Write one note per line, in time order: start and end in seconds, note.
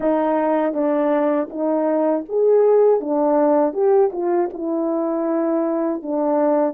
0.00 0.73 D#4
0.73 1.48 D4
1.50 2.25 D#4
2.28 3.00 G#4
3.00 3.73 D4
3.73 4.10 G4
4.12 4.49 F4
4.53 6.02 E4
6.02 6.73 D4